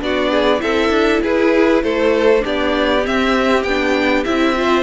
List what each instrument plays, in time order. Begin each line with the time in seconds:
0.00 cello B3, viola D4, violin F#4 D5
0.30 violin G#4
0.59 cello C4, viola E4, violin A4 E5
0.90 cello D4
1.23 cello E4, violin G#4 B4
1.83 cello A3, violin A4 C5
2.40 cello B3, viola D4, violin G4
2.46 violin D5
3.05 viola C4, cello C4, violin E5
3.63 cello B3, viola D4, violin G5
4.24 cello C4, viola E4, violin E5
4.56 viola F4, violin C5